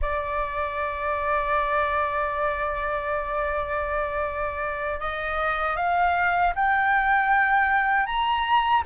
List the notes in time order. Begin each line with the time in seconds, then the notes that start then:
0.01 D5
5.00 D#5
5.76 F5
6.55 G5
8.06 A#5